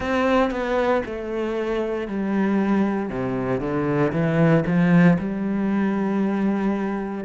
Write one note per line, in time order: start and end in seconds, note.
0.00 0.50 C4
0.50 1.02 B3
1.05 2.07 A3
2.07 3.09 G3
3.09 3.60 C3
3.60 4.11 D3
4.12 4.64 E3
4.66 5.17 F3
5.19 7.24 G3